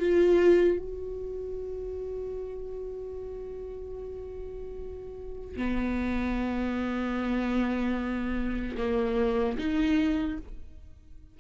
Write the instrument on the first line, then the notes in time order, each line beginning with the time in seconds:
viola
0.00 F4
0.79 F#4
5.57 B3
8.78 A#3
9.59 D#4